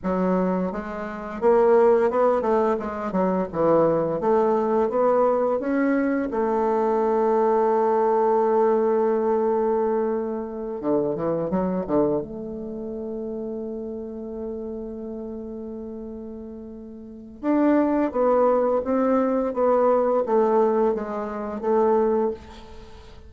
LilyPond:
\new Staff \with { instrumentName = "bassoon" } { \time 4/4 \tempo 4 = 86 fis4 gis4 ais4 b8 a8 | gis8 fis8 e4 a4 b4 | cis'4 a2.~ | a2.~ a8 d8 |
e8 fis8 d8 a2~ a8~ | a1~ | a4 d'4 b4 c'4 | b4 a4 gis4 a4 | }